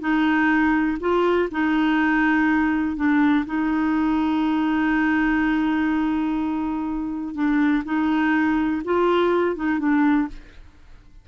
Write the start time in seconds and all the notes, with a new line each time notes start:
0.00 D#4
1.00 F4
1.51 D#4
2.96 D4
3.46 D#4
7.35 D4
7.84 D#4
8.84 F4
9.55 D#4
9.79 D4